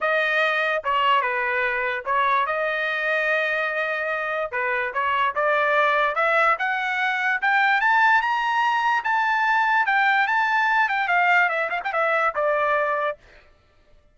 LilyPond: \new Staff \with { instrumentName = "trumpet" } { \time 4/4 \tempo 4 = 146 dis''2 cis''4 b'4~ | b'4 cis''4 dis''2~ | dis''2. b'4 | cis''4 d''2 e''4 |
fis''2 g''4 a''4 | ais''2 a''2 | g''4 a''4. g''8 f''4 | e''8 f''16 g''16 e''4 d''2 | }